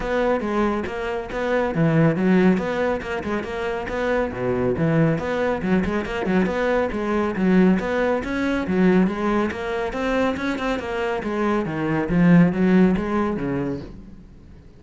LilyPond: \new Staff \with { instrumentName = "cello" } { \time 4/4 \tempo 4 = 139 b4 gis4 ais4 b4 | e4 fis4 b4 ais8 gis8 | ais4 b4 b,4 e4 | b4 fis8 gis8 ais8 fis8 b4 |
gis4 fis4 b4 cis'4 | fis4 gis4 ais4 c'4 | cis'8 c'8 ais4 gis4 dis4 | f4 fis4 gis4 cis4 | }